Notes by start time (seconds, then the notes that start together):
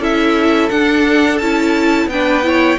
0.00 C#4 E4 A4 E5
0.70 D4 F#5
1.38 C#4 E4 A5
2.07 B3 D4 B4 G5
2.43 E4 C#5